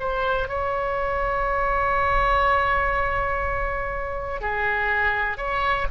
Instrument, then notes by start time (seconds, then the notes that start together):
oboe
0.00 C5
0.49 C#5
4.41 G#4
5.38 C#5